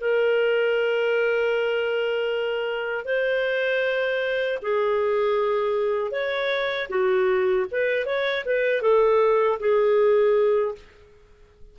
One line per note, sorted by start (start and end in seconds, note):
0.00 3.05 A#4
3.05 4.58 C5
4.62 6.10 G#4
6.10 6.87 C#5
6.89 7.66 F#4
7.71 8.05 B4
8.05 8.44 C#5
8.45 8.81 B4
8.81 9.58 A4
9.59 10.74 G#4